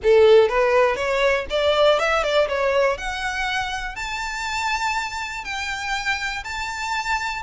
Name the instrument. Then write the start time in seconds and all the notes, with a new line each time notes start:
violin
0.03 A4
0.48 B4
0.96 C#5
1.50 D5
1.99 E5
2.23 D5
2.48 C#5
2.97 F#5
3.95 A5
5.44 G5
6.44 A5